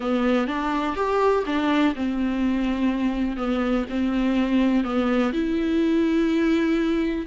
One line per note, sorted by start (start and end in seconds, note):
0.00 0.47 B3
0.47 0.95 D4
0.95 1.44 G4
1.46 1.94 D4
1.95 3.36 C4
3.36 3.85 B3
3.89 4.83 C4
4.83 5.32 B3
5.32 7.26 E4